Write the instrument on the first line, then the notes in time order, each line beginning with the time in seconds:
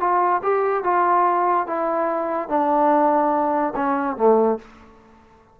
trombone
0.00 F4
0.43 G4
0.84 F4
1.67 E4
2.49 D4
3.76 C#4
4.17 A3